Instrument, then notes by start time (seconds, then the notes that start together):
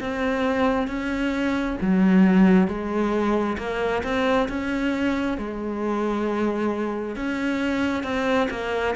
cello
0.00 C4
0.87 C#4
1.81 F#3
2.67 G#3
3.57 A#3
4.03 C4
4.48 C#4
5.38 G#3
7.16 C#4
8.03 C4
8.50 A#3